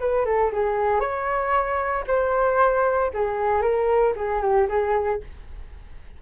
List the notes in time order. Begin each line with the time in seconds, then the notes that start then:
0.00 B4
0.25 A4
0.52 G#4
1.00 C#5
2.07 C5
3.14 G#4
3.62 A#4
4.16 G#4
4.42 G4
4.69 G#4